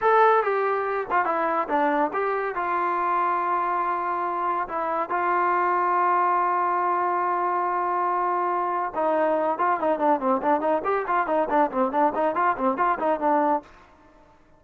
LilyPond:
\new Staff \with { instrumentName = "trombone" } { \time 4/4 \tempo 4 = 141 a'4 g'4. f'8 e'4 | d'4 g'4 f'2~ | f'2. e'4 | f'1~ |
f'1~ | f'4 dis'4. f'8 dis'8 d'8 | c'8 d'8 dis'8 g'8 f'8 dis'8 d'8 c'8 | d'8 dis'8 f'8 c'8 f'8 dis'8 d'4 | }